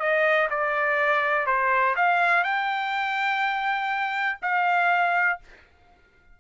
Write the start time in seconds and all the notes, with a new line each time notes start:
0.00 D#5
0.51 D5
1.47 C5
1.96 F5
2.44 G5
4.42 F5